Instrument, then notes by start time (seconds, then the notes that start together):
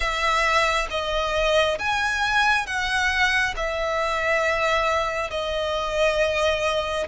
violin
0.00 E5
0.90 D#5
1.78 G#5
2.66 F#5
3.56 E5
5.30 D#5